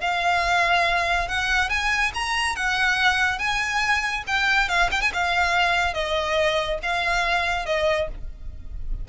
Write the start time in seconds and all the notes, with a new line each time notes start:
0.00 F5
1.28 F#5
1.69 G#5
2.14 A#5
2.56 F#5
3.38 G#5
4.27 G5
4.68 F5
4.91 G5
5.01 G#5
5.13 F5
5.93 D#5
6.82 F5
7.65 D#5